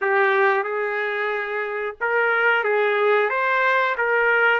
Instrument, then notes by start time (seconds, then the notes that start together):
trumpet
0.01 G4
0.63 G#4
2.00 A#4
2.64 G#4
3.29 C5
3.97 A#4